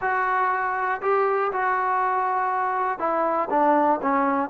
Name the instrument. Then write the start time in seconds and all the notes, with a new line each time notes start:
trombone
0.01 F#4
1.01 G4
1.52 F#4
2.98 E4
3.50 D4
4.02 C#4